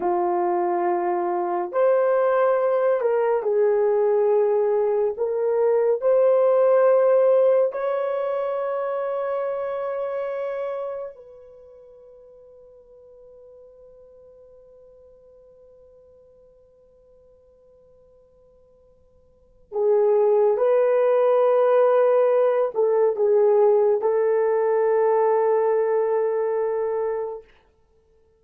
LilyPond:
\new Staff \with { instrumentName = "horn" } { \time 4/4 \tempo 4 = 70 f'2 c''4. ais'8 | gis'2 ais'4 c''4~ | c''4 cis''2.~ | cis''4 b'2.~ |
b'1~ | b'2. gis'4 | b'2~ b'8 a'8 gis'4 | a'1 | }